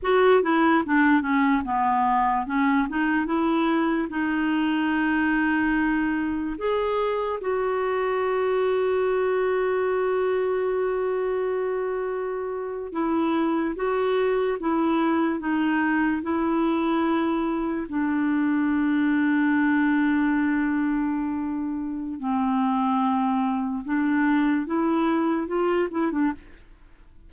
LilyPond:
\new Staff \with { instrumentName = "clarinet" } { \time 4/4 \tempo 4 = 73 fis'8 e'8 d'8 cis'8 b4 cis'8 dis'8 | e'4 dis'2. | gis'4 fis'2.~ | fis'2.~ fis'8. e'16~ |
e'8. fis'4 e'4 dis'4 e'16~ | e'4.~ e'16 d'2~ d'16~ | d'2. c'4~ | c'4 d'4 e'4 f'8 e'16 d'16 | }